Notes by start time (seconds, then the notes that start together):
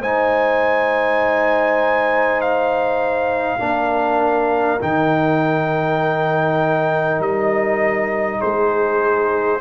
0.00 G#3 D#4 C5 G#5
2.41 F5
3.59 A#3 D4 A#4
4.80 D#3 D#4 G5
7.20 G3 D#5
8.40 G#3 G#4 C5